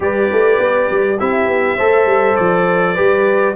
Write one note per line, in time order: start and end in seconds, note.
0.00 0.29 G3
0.00 1.17 G4
0.00 1.18 B4
0.00 1.19 D5
0.32 0.58 A3
0.58 0.88 B3
0.91 1.20 G3
1.18 1.46 C4
1.18 1.78 E4
1.18 1.76 G4
1.18 2.36 E5
1.46 1.76 B3
1.76 2.05 A3
1.76 2.95 A4
1.76 2.94 C5
2.05 2.35 G3
2.36 2.98 F3
2.36 3.54 D5
2.94 3.55 G3
2.94 3.55 G4
2.94 3.53 B4